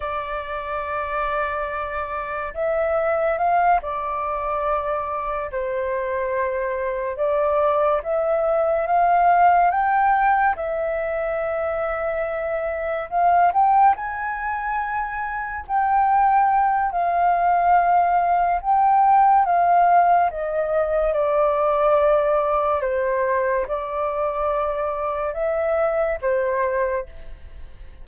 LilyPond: \new Staff \with { instrumentName = "flute" } { \time 4/4 \tempo 4 = 71 d''2. e''4 | f''8 d''2 c''4.~ | c''8 d''4 e''4 f''4 g''8~ | g''8 e''2. f''8 |
g''8 gis''2 g''4. | f''2 g''4 f''4 | dis''4 d''2 c''4 | d''2 e''4 c''4 | }